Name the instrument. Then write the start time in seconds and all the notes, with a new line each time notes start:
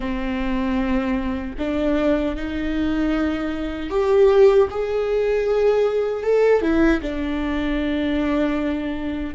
viola
0.00 C4
1.58 D4
2.36 D#4
3.90 G4
4.70 G#4
6.23 A4
6.61 E4
7.01 D4